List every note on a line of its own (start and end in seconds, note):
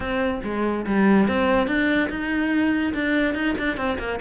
0.00 0.40 C4
0.43 0.85 G#3
0.86 1.28 G3
1.28 1.67 C4
1.67 2.09 D4
2.09 2.93 D#4
2.94 3.34 D4
3.34 3.55 D#4
3.58 3.76 D4
3.76 3.97 C4
3.98 4.19 A#3